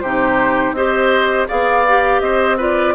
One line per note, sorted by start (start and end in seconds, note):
0.00 0.72 C3
0.00 0.76 D#4
0.00 0.75 G4
0.00 0.73 C5
0.72 1.45 C4
0.72 1.48 G4
0.72 1.48 C5
0.72 1.46 D#5
1.48 2.21 B3
1.48 1.84 G#4
1.48 2.21 D5
1.48 2.20 F5
1.88 2.59 G4
2.20 2.94 C4
2.20 2.57 C5
2.20 2.57 D#5
2.57 2.95 F4
2.57 2.94 B4
2.57 2.95 D5